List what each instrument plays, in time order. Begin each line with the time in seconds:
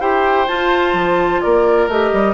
0.00 bassoon E4, clarinet G4, oboe C5, flute G5
0.48 clarinet F4, bassoon F4, flute A5
0.94 bassoon F3
1.41 bassoon A#3, oboe A#4, flute D5
1.88 bassoon A3, clarinet G4, flute D#5
2.13 bassoon G3